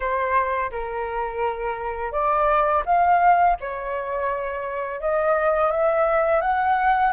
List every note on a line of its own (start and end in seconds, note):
0.00 0.70 C5
0.71 2.11 A#4
2.11 2.83 D5
2.85 3.57 F5
3.60 5.01 C#5
5.01 5.71 D#5
5.71 6.41 E5
6.41 7.12 F#5